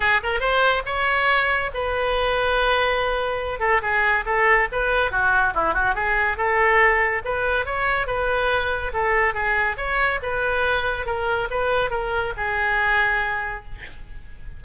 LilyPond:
\new Staff \with { instrumentName = "oboe" } { \time 4/4 \tempo 4 = 141 gis'8 ais'8 c''4 cis''2 | b'1~ | b'8 a'8 gis'4 a'4 b'4 | fis'4 e'8 fis'8 gis'4 a'4~ |
a'4 b'4 cis''4 b'4~ | b'4 a'4 gis'4 cis''4 | b'2 ais'4 b'4 | ais'4 gis'2. | }